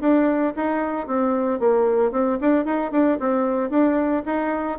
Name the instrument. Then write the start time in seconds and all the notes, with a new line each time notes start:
bassoon
0.00 D4
0.56 D#4
1.07 C4
1.59 A#3
2.11 C4
2.41 D4
2.65 D#4
2.92 D4
3.19 C4
3.70 D4
4.25 D#4